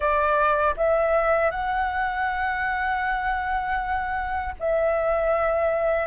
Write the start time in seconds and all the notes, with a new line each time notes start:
0.00 D5
0.76 E5
1.51 F#5
4.59 E5